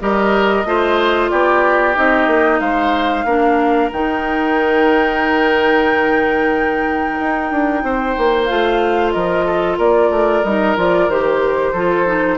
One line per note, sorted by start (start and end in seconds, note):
0.00 0.65 G3
0.00 0.65 G4
0.00 0.67 A#4
0.00 1.30 D#5
0.65 1.30 A3
0.65 1.95 F4
0.65 1.31 C5
1.30 1.96 B3
1.30 2.61 G4
1.30 1.95 D5
1.95 2.27 C4
1.95 3.25 D#4
1.95 2.60 D#5
2.27 2.59 A#3
2.60 3.24 G#3
2.60 3.26 C5
2.60 3.90 F5
3.24 3.90 A#3
3.24 3.92 D4
3.24 7.83 A#4
3.92 7.19 D#3
3.92 8.48 D#4
3.92 8.45 G5
7.19 7.51 D#4
7.51 7.83 D4
7.83 8.15 C4
7.83 9.14 C5
8.17 8.50 A#3
8.45 9.15 A3
8.45 10.44 F4
8.45 9.11 F5
9.11 9.78 F3
9.11 9.45 A#4
9.11 9.76 D#5
9.45 9.78 A4
9.78 10.10 A#3
9.78 11.72 A#4
9.78 10.44 D5
10.10 10.42 A3
10.44 10.76 G3
10.44 10.76 D#4
10.44 10.76 D#5
10.76 11.08 F3
10.76 11.09 F4
10.76 11.10 D5
11.08 11.73 D#3
11.08 11.75 G4
11.08 12.38 C5
11.72 12.38 F3
11.72 12.06 F4
11.72 12.37 A4
12.06 12.38 D#4